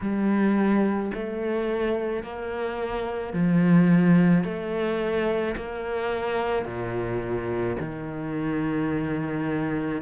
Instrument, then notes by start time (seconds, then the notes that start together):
cello
0.00 G3
1.14 A3
2.23 A#3
3.33 F3
4.43 A3
5.56 A#3
6.65 A#2
7.79 D#3